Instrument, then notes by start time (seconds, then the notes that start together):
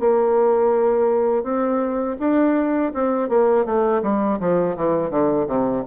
bassoon
0.00 A#3
1.44 C4
2.20 D4
2.94 C4
3.29 A#3
3.66 A3
4.03 G3
4.40 F3
4.76 E3
5.11 D3
5.47 C3